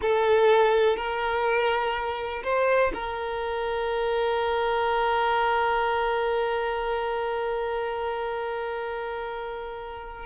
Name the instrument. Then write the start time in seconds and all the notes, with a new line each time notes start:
violin
0.01 A4
0.96 A#4
2.43 C5
2.94 A#4